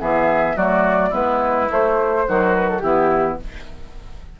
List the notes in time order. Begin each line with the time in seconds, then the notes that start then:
0.00 E3 B3 G#4 E5
0.56 F#3 A3 F#4 D5
1.09 G#3 B3 E4 B4
1.69 A3 C5
2.27 D#3 F#3 F#4
2.56 B4
2.69 A4
2.79 E3 B3 E4 G4